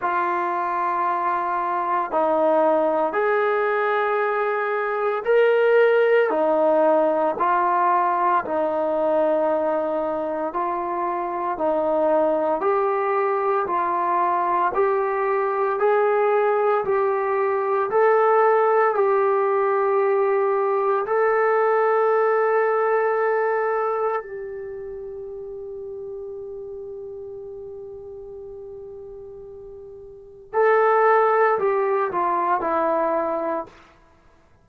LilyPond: \new Staff \with { instrumentName = "trombone" } { \time 4/4 \tempo 4 = 57 f'2 dis'4 gis'4~ | gis'4 ais'4 dis'4 f'4 | dis'2 f'4 dis'4 | g'4 f'4 g'4 gis'4 |
g'4 a'4 g'2 | a'2. g'4~ | g'1~ | g'4 a'4 g'8 f'8 e'4 | }